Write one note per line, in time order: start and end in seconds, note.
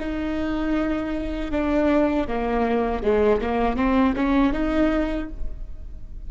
0.00 1.52 D#4
1.52 2.28 D4
2.28 3.03 A#3
3.03 3.41 G#3
3.41 3.77 A#3
3.77 4.15 C4
4.16 4.53 C#4
4.53 5.29 D#4